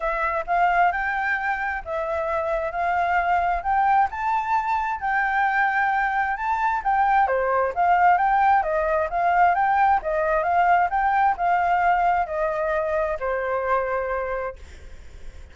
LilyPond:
\new Staff \with { instrumentName = "flute" } { \time 4/4 \tempo 4 = 132 e''4 f''4 g''2 | e''2 f''2 | g''4 a''2 g''4~ | g''2 a''4 g''4 |
c''4 f''4 g''4 dis''4 | f''4 g''4 dis''4 f''4 | g''4 f''2 dis''4~ | dis''4 c''2. | }